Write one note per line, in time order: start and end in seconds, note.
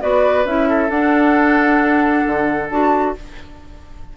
0.00 0.44 B3
0.00 0.45 F#4
0.00 0.69 B4
0.00 0.45 D5
0.44 0.89 C#4
0.44 0.89 E4
0.44 0.90 E5
0.69 3.17 A4
0.89 2.24 D4
0.89 2.70 D4
0.89 2.69 F#5
2.26 2.70 D3
2.69 3.15 D4
2.69 3.15 F#4
2.69 3.14 A5